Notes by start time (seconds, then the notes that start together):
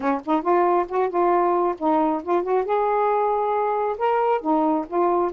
0.00 C#4
0.25 D#4
0.42 F4
0.88 F#4
1.09 F4
1.78 D#4
2.23 F4
2.42 F#4
2.64 G#4
3.98 A#4
4.41 D#4
4.87 F4